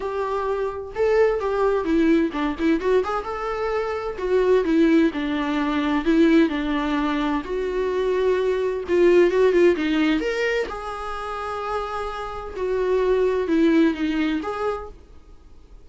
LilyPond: \new Staff \with { instrumentName = "viola" } { \time 4/4 \tempo 4 = 129 g'2 a'4 g'4 | e'4 d'8 e'8 fis'8 gis'8 a'4~ | a'4 fis'4 e'4 d'4~ | d'4 e'4 d'2 |
fis'2. f'4 | fis'8 f'8 dis'4 ais'4 gis'4~ | gis'2. fis'4~ | fis'4 e'4 dis'4 gis'4 | }